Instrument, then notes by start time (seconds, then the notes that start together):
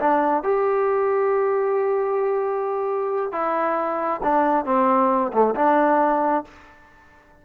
trombone
0.00 D4
0.43 G4
3.32 E4
4.23 D4
4.65 C4
5.33 A3
5.55 D4